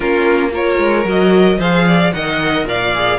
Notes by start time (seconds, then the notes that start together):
0.00 A#3 C#4 F4 A#4
0.51 F4 A#4 C#5
0.78 G#3
1.04 F#3 F#4 D#5
1.58 F3 G#4 C5 F5
1.87 D5
2.12 D#3 A#4 D#5 F#5
2.64 A#2 D5 F5
2.94 G#4